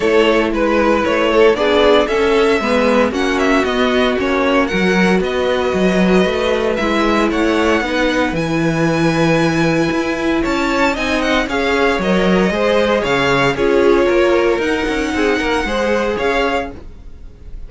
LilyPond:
<<
  \new Staff \with { instrumentName = "violin" } { \time 4/4 \tempo 4 = 115 cis''4 b'4 cis''4 d''4 | e''2 fis''8 e''8 dis''4 | cis''4 fis''4 dis''2~ | dis''4 e''4 fis''2 |
gis''1 | a''4 gis''8 fis''8 f''4 dis''4~ | dis''4 f''4 cis''2 | fis''2. f''4 | }
  \new Staff \with { instrumentName = "violin" } { \time 4/4 a'4 b'4. a'8 gis'4 | a'4 b'4 fis'2~ | fis'4 ais'4 b'2~ | b'2 cis''4 b'4~ |
b'1 | cis''4 dis''4 cis''2 | c''4 cis''4 gis'4 ais'4~ | ais'4 gis'8 ais'8 c''4 cis''4 | }
  \new Staff \with { instrumentName = "viola" } { \time 4/4 e'2. d'4 | cis'4 b4 cis'4 b4 | cis'4 fis'2.~ | fis'4 e'2 dis'4 |
e'1~ | e'4 dis'4 gis'4 ais'4 | gis'2 f'2 | dis'2 gis'2 | }
  \new Staff \with { instrumentName = "cello" } { \time 4/4 a4 gis4 a4 b4 | cis'4 gis4 ais4 b4 | ais4 fis4 b4 fis4 | a4 gis4 a4 b4 |
e2. e'4 | cis'4 c'4 cis'4 fis4 | gis4 cis4 cis'4 ais4 | dis'8 cis'8 c'8 ais8 gis4 cis'4 | }
>>